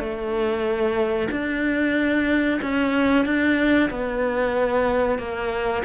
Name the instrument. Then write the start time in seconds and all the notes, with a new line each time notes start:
cello
0.00 A3
1.32 D4
2.62 C#4
3.26 D4
3.91 B3
5.19 A#3